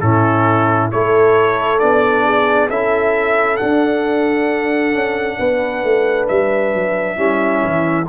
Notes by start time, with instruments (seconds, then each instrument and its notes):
0.00 tuba A2, trombone C#4, horn E4, trumpet A4
0.91 tuba A3, trombone E4, horn A4, trumpet C#5
1.79 tuba B3, trombone D4, trumpet D5
2.25 horn G#4
2.69 tuba C#4, trombone E4, horn A4, trumpet E5
3.57 trombone D4, tuba D4, trumpet F#5
4.93 tuba C#4
5.38 tuba B3, horn B4
5.84 tuba A3
6.28 tuba G3, trumpet E5
6.74 tuba F#3
7.16 tuba G3, trombone C#4, horn E4
7.64 tuba E3